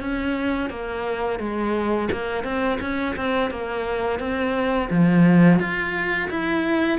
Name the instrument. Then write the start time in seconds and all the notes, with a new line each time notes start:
cello
0.00 C#4
0.69 A#3
1.39 G#3
2.12 A#3
2.44 C4
2.81 C#4
3.16 C4
3.51 A#3
4.19 C4
4.90 F3
5.59 F4
6.30 E4